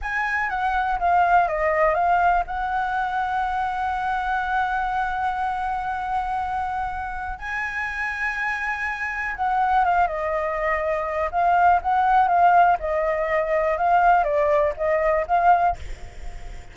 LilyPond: \new Staff \with { instrumentName = "flute" } { \time 4/4 \tempo 4 = 122 gis''4 fis''4 f''4 dis''4 | f''4 fis''2.~ | fis''1~ | fis''2. gis''4~ |
gis''2. fis''4 | f''8 dis''2~ dis''8 f''4 | fis''4 f''4 dis''2 | f''4 d''4 dis''4 f''4 | }